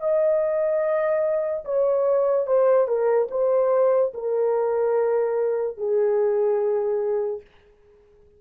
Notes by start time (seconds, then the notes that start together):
0.00 D#5
1.65 C#5
2.47 C5
2.88 A#4
3.31 C5
4.14 A#4
5.77 G#4